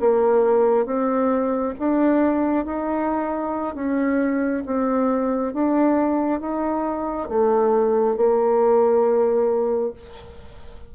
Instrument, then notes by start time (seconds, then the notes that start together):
bassoon
0.00 A#3
0.86 C4
1.79 D4
2.66 D#4
3.75 C#4
4.66 C4
5.53 D4
6.41 D#4
7.29 A3
8.17 A#3